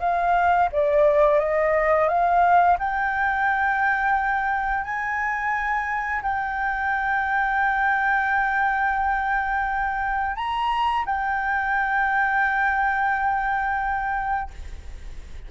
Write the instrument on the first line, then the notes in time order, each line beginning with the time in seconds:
flute
0.00 F5
0.72 D5
1.39 D#5
2.08 F5
2.79 G5
4.84 G#5
6.23 G5
10.36 A#5
11.06 G5